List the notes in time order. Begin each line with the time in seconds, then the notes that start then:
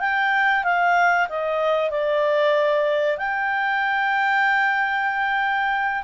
0.00 G5
0.64 F5
1.29 D#5
1.90 D5
3.18 G5